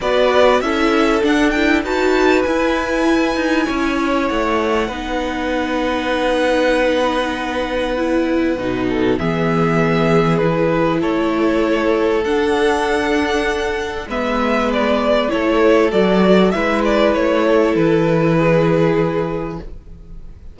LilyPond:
<<
  \new Staff \with { instrumentName = "violin" } { \time 4/4 \tempo 4 = 98 d''4 e''4 fis''8 g''8 a''4 | gis''2. fis''4~ | fis''1~ | fis''2. e''4~ |
e''4 b'4 cis''2 | fis''2. e''4 | d''4 cis''4 d''4 e''8 d''8 | cis''4 b'2. | }
  \new Staff \with { instrumentName = "violin" } { \time 4/4 b'4 a'2 b'4~ | b'2 cis''2 | b'1~ | b'2~ b'8 a'8 gis'4~ |
gis'2 a'2~ | a'2. b'4~ | b'4 a'2 b'4~ | b'8 a'4. gis'2 | }
  \new Staff \with { instrumentName = "viola" } { \time 4/4 fis'4 e'4 d'8 e'8 fis'4 | e'1 | dis'1~ | dis'4 e'4 dis'4 b4~ |
b4 e'2. | d'2. b4~ | b4 e'4 fis'4 e'4~ | e'1 | }
  \new Staff \with { instrumentName = "cello" } { \time 4/4 b4 cis'4 d'4 dis'4 | e'4. dis'8 cis'4 a4 | b1~ | b2 b,4 e4~ |
e2 a2 | d'2. gis4~ | gis4 a4 fis4 gis4 | a4 e2. | }
>>